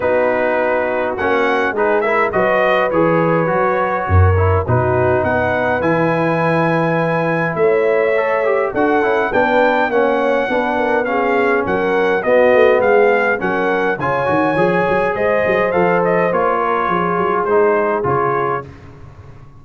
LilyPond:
<<
  \new Staff \with { instrumentName = "trumpet" } { \time 4/4 \tempo 4 = 103 b'2 fis''4 b'8 e''8 | dis''4 cis''2. | b'4 fis''4 gis''2~ | gis''4 e''2 fis''4 |
g''4 fis''2 f''4 | fis''4 dis''4 f''4 fis''4 | gis''2 dis''4 f''8 dis''8 | cis''2 c''4 cis''4 | }
  \new Staff \with { instrumentName = "horn" } { \time 4/4 fis'2. gis'8 ais'8 | b'2. ais'4 | fis'4 b'2.~ | b'4 cis''2 a'4 |
b'4 cis''4 b'8 ais'8 gis'4 | ais'4 fis'4 gis'4 ais'4 | cis''2 c''2~ | c''8 ais'8 gis'2. | }
  \new Staff \with { instrumentName = "trombone" } { \time 4/4 dis'2 cis'4 dis'8 e'8 | fis'4 gis'4 fis'4. e'8 | dis'2 e'2~ | e'2 a'8 g'8 fis'8 e'8 |
d'4 cis'4 d'4 cis'4~ | cis'4 b2 cis'4 | f'8 fis'8 gis'2 a'4 | f'2 dis'4 f'4 | }
  \new Staff \with { instrumentName = "tuba" } { \time 4/4 b2 ais4 gis4 | fis4 e4 fis4 fis,4 | b,4 b4 e2~ | e4 a2 d'8 cis'8 |
b4 ais4 b2 | fis4 b8 a8 gis4 fis4 | cis8 dis8 f8 fis8 gis8 fis8 f4 | ais4 f8 fis8 gis4 cis4 | }
>>